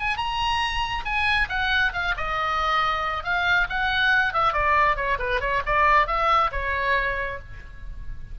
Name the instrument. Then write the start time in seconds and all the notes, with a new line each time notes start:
oboe
0.00 G#5
0.17 A#5
1.05 G#5
1.49 F#5
1.93 F5
2.17 D#5
3.24 F5
3.70 F#5
4.34 E5
4.53 D5
4.96 C#5
5.19 B4
5.41 C#5
5.66 D5
6.07 E5
6.52 C#5